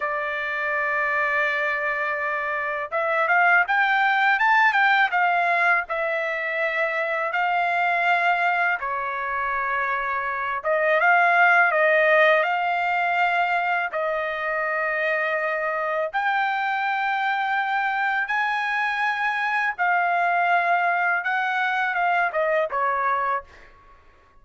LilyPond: \new Staff \with { instrumentName = "trumpet" } { \time 4/4 \tempo 4 = 82 d''1 | e''8 f''8 g''4 a''8 g''8 f''4 | e''2 f''2 | cis''2~ cis''8 dis''8 f''4 |
dis''4 f''2 dis''4~ | dis''2 g''2~ | g''4 gis''2 f''4~ | f''4 fis''4 f''8 dis''8 cis''4 | }